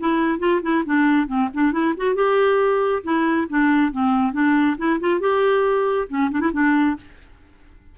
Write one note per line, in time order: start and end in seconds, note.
0.00 0.39 E4
0.39 0.61 F4
0.63 0.84 E4
0.86 1.27 D4
1.27 1.49 C4
1.54 1.73 D4
1.73 1.94 E4
1.97 2.15 F#4
2.15 3.03 G4
3.04 3.48 E4
3.50 3.92 D4
3.92 4.33 C4
4.33 4.77 D4
4.78 5.00 E4
5.01 5.20 F4
5.20 6.08 G4
6.09 6.31 C#4
6.31 6.41 D4
6.41 6.52 E4
6.53 6.97 D4